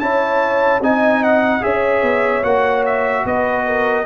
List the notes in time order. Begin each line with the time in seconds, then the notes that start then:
0.00 C#4 E4 C#5 A5
0.81 C4 D#4 D#5 G#5
1.24 F#5
1.61 C#4 G#4 C#5 E5
2.03 B3
2.43 A#3 F#4 F#5
2.86 E5
3.25 B3 B4 D#5
3.67 A#4